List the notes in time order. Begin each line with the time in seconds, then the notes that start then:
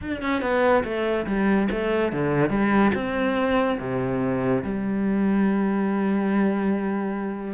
0.01 D4
0.22 C#4
0.41 B3
0.84 A3
1.26 G3
1.71 A3
2.12 D3
2.49 G3
2.94 C4
3.79 C3
4.64 G3